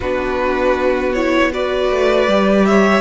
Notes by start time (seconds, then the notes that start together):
0.00 B3 D4 F#4 B4
1.13 E4 C#5
1.52 F#4 B4 D5
1.90 A3
2.27 G3 G4
2.65 C#5 E5